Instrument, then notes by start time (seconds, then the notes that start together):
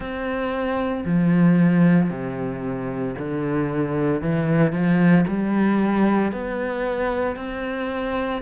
cello
0.00 C4
1.05 F3
2.10 C3
3.18 D3
4.21 E3
4.72 F3
5.27 G3
6.32 B3
7.36 C4